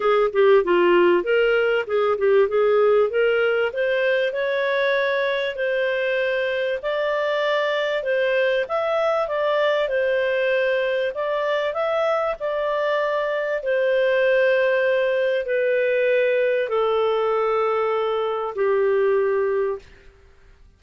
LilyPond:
\new Staff \with { instrumentName = "clarinet" } { \time 4/4 \tempo 4 = 97 gis'8 g'8 f'4 ais'4 gis'8 g'8 | gis'4 ais'4 c''4 cis''4~ | cis''4 c''2 d''4~ | d''4 c''4 e''4 d''4 |
c''2 d''4 e''4 | d''2 c''2~ | c''4 b'2 a'4~ | a'2 g'2 | }